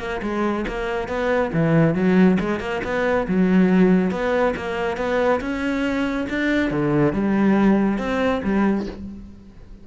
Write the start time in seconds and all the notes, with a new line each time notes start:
0.00 A#3
0.23 G#3
0.68 A#3
1.09 B3
1.53 E3
1.95 F#3
2.40 G#3
2.60 A#3
2.84 B3
3.28 F#3
4.11 B3
4.56 A#3
4.97 B3
5.41 C#4
6.30 D4
6.71 D3
7.13 G3
7.99 C4
8.44 G3